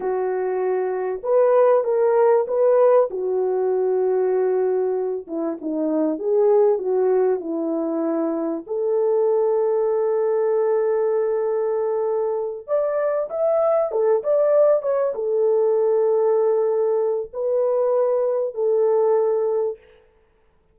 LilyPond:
\new Staff \with { instrumentName = "horn" } { \time 4/4 \tempo 4 = 97 fis'2 b'4 ais'4 | b'4 fis'2.~ | fis'8 e'8 dis'4 gis'4 fis'4 | e'2 a'2~ |
a'1~ | a'8 d''4 e''4 a'8 d''4 | cis''8 a'2.~ a'8 | b'2 a'2 | }